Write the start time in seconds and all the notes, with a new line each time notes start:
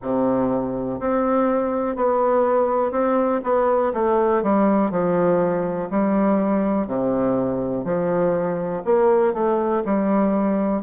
0.02 C3
0.99 C4
1.96 B3
2.91 C4
3.43 B3
3.93 A3
4.43 G3
4.90 F3
5.90 G3
6.87 C3
7.84 F3
8.84 A#3
9.33 A3
9.85 G3